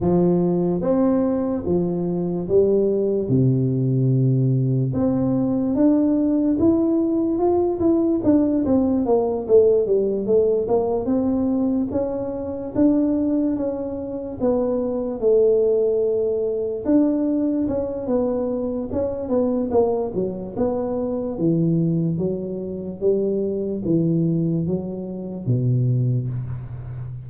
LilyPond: \new Staff \with { instrumentName = "tuba" } { \time 4/4 \tempo 4 = 73 f4 c'4 f4 g4 | c2 c'4 d'4 | e'4 f'8 e'8 d'8 c'8 ais8 a8 | g8 a8 ais8 c'4 cis'4 d'8~ |
d'8 cis'4 b4 a4.~ | a8 d'4 cis'8 b4 cis'8 b8 | ais8 fis8 b4 e4 fis4 | g4 e4 fis4 b,4 | }